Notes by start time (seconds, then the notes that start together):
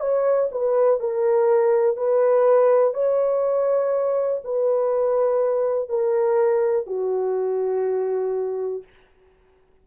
0.00 C#5
0.51 B4
1.00 A#4
1.96 B4
2.94 C#5
4.44 B4
5.89 A#4
6.86 F#4